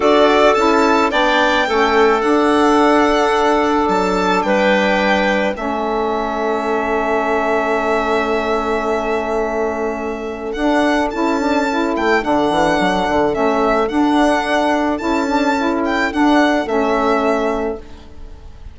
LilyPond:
<<
  \new Staff \with { instrumentName = "violin" } { \time 4/4 \tempo 4 = 108 d''4 a''4 g''2 | fis''2. a''4 | g''2 e''2~ | e''1~ |
e''2. fis''4 | a''4. g''8 fis''2 | e''4 fis''2 a''4~ | a''8 g''8 fis''4 e''2 | }
  \new Staff \with { instrumentName = "clarinet" } { \time 4/4 a'2 d''4 a'4~ | a'1 | b'2 a'2~ | a'1~ |
a'1~ | a'1~ | a'1~ | a'1 | }
  \new Staff \with { instrumentName = "saxophone" } { \time 4/4 fis'4 e'4 d'4 cis'4 | d'1~ | d'2 cis'2~ | cis'1~ |
cis'2. d'4 | e'8 d'8 e'4 d'2 | cis'4 d'2 e'8 d'8 | e'4 d'4 cis'2 | }
  \new Staff \with { instrumentName = "bassoon" } { \time 4/4 d'4 cis'4 b4 a4 | d'2. fis4 | g2 a2~ | a1~ |
a2. d'4 | cis'4. a8 d8 e8 fis8 d8 | a4 d'2 cis'4~ | cis'4 d'4 a2 | }
>>